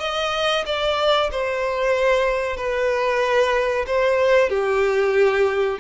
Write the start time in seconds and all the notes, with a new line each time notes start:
0.00 D#5
0.66 D5
1.32 C5
2.57 B4
3.87 C5
4.50 G4